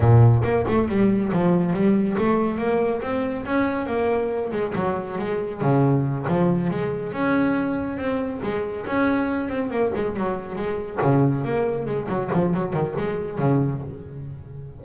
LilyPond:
\new Staff \with { instrumentName = "double bass" } { \time 4/4 \tempo 4 = 139 ais,4 ais8 a8 g4 f4 | g4 a4 ais4 c'4 | cis'4 ais4. gis8 fis4 | gis4 cis4. f4 gis8~ |
gis8 cis'2 c'4 gis8~ | gis8 cis'4. c'8 ais8 gis8 fis8~ | fis8 gis4 cis4 ais4 gis8 | fis8 f8 fis8 dis8 gis4 cis4 | }